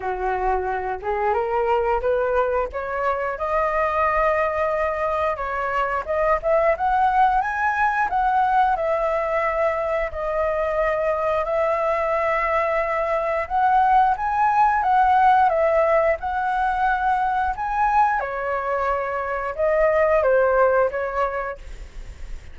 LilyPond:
\new Staff \with { instrumentName = "flute" } { \time 4/4 \tempo 4 = 89 fis'4. gis'8 ais'4 b'4 | cis''4 dis''2. | cis''4 dis''8 e''8 fis''4 gis''4 | fis''4 e''2 dis''4~ |
dis''4 e''2. | fis''4 gis''4 fis''4 e''4 | fis''2 gis''4 cis''4~ | cis''4 dis''4 c''4 cis''4 | }